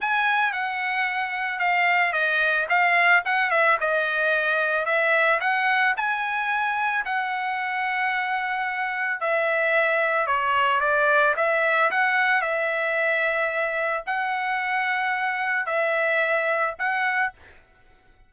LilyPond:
\new Staff \with { instrumentName = "trumpet" } { \time 4/4 \tempo 4 = 111 gis''4 fis''2 f''4 | dis''4 f''4 fis''8 e''8 dis''4~ | dis''4 e''4 fis''4 gis''4~ | gis''4 fis''2.~ |
fis''4 e''2 cis''4 | d''4 e''4 fis''4 e''4~ | e''2 fis''2~ | fis''4 e''2 fis''4 | }